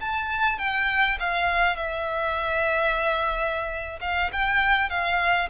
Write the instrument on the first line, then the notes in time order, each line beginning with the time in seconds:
violin
0.00 A5
0.58 G5
1.19 F5
1.76 E5
4.01 F5
4.32 G5
4.90 F5